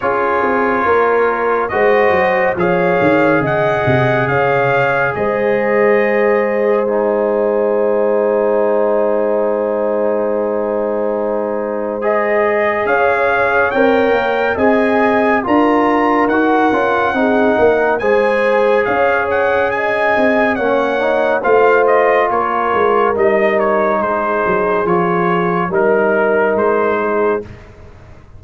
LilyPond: <<
  \new Staff \with { instrumentName = "trumpet" } { \time 4/4 \tempo 4 = 70 cis''2 dis''4 f''4 | fis''4 f''4 dis''2 | gis''1~ | gis''2 dis''4 f''4 |
g''4 gis''4 ais''4 fis''4~ | fis''4 gis''4 f''8 fis''8 gis''4 | fis''4 f''8 dis''8 cis''4 dis''8 cis''8 | c''4 cis''4 ais'4 c''4 | }
  \new Staff \with { instrumentName = "horn" } { \time 4/4 gis'4 ais'4 c''4 cis''4 | dis''4 cis''4 c''2~ | c''1~ | c''2. cis''4~ |
cis''4 dis''4 ais'2 | gis'8 ais'8 c''4 cis''4 dis''4 | cis''4 c''4 ais'2 | gis'2 ais'4. gis'8 | }
  \new Staff \with { instrumentName = "trombone" } { \time 4/4 f'2 fis'4 gis'4~ | gis'1 | dis'1~ | dis'2 gis'2 |
ais'4 gis'4 f'4 fis'8 f'8 | dis'4 gis'2. | cis'8 dis'8 f'2 dis'4~ | dis'4 f'4 dis'2 | }
  \new Staff \with { instrumentName = "tuba" } { \time 4/4 cis'8 c'8 ais4 gis8 fis8 f8 dis8 | cis8 c8 cis4 gis2~ | gis1~ | gis2. cis'4 |
c'8 ais8 c'4 d'4 dis'8 cis'8 | c'8 ais8 gis4 cis'4. c'8 | ais4 a4 ais8 gis8 g4 | gis8 fis8 f4 g4 gis4 | }
>>